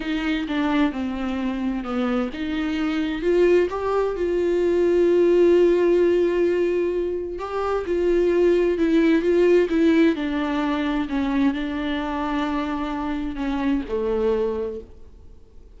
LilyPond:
\new Staff \with { instrumentName = "viola" } { \time 4/4 \tempo 4 = 130 dis'4 d'4 c'2 | b4 dis'2 f'4 | g'4 f'2.~ | f'1 |
g'4 f'2 e'4 | f'4 e'4 d'2 | cis'4 d'2.~ | d'4 cis'4 a2 | }